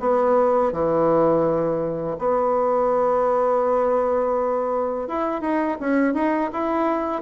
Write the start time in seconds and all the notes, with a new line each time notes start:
0.00 B3
0.72 E3
2.19 B3
5.08 E4
5.41 D#4
5.80 C#4
6.14 D#4
6.53 E4